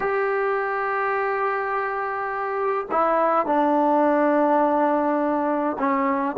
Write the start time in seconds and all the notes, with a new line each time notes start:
0.00 G4
2.91 E4
3.46 D4
5.78 C#4